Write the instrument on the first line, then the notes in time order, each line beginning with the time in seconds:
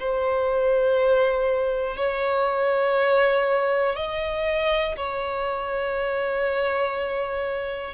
violin
0.00 C5
1.96 C#5
3.96 D#5
4.96 C#5